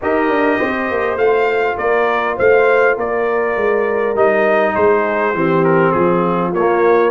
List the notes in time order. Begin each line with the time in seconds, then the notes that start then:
0.01 D#4 G4 A#4 D#5
0.28 D4
0.58 C4 C5
0.91 A#3
1.16 A3 F4 F5
1.77 A#3 A#4 D5
2.36 A3 C5 F5
2.97 A#3 A#4 D5
3.56 G#3
4.15 G3 D#4 D#5
4.75 G#3 G#4 C5
5.33 E3 C4 G4
5.64 A#4
5.91 F3 F4 G#4
6.53 A#3 C#5